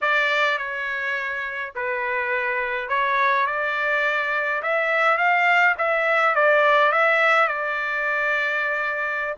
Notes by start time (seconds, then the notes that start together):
0.01 D5
0.58 C#5
1.75 B4
2.88 C#5
3.46 D5
4.62 E5
5.17 F5
5.77 E5
6.35 D5
6.92 E5
7.48 D5